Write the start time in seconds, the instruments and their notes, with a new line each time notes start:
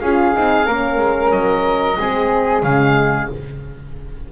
0.00 double bass C#4, horn F4, flute G#4, oboe F5
0.34 double bass C4, horn D#4
0.65 double bass A#3, horn C#4, flute A#4
0.98 double bass G#3
1.31 double bass F#3, oboe D#5
1.99 double bass G#3, horn C4, flute G#4
2.63 double bass C#3, horn G#3, oboe F5